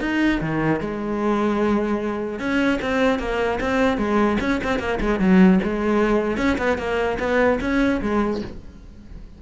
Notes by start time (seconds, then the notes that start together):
0.00 D#4
0.41 D#3
0.80 G#3
2.39 C#4
2.81 C4
3.19 A#3
3.60 C4
3.97 G#3
4.40 C#4
4.63 C4
4.79 A#3
5.00 G#3
5.19 F#3
5.63 G#3
6.37 C#4
6.58 B3
6.78 A#3
7.19 B3
7.60 C#4
8.01 G#3